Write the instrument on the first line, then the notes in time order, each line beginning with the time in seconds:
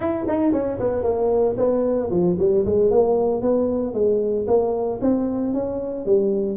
tuba
0.00 E4
0.28 D#4
0.52 C#4
0.79 B3
1.03 A#3
1.57 B3
2.10 F3
2.39 G3
2.65 G#3
2.90 A#3
3.41 B3
3.93 G#3
4.47 A#3
5.01 C4
5.53 C#4
6.05 G3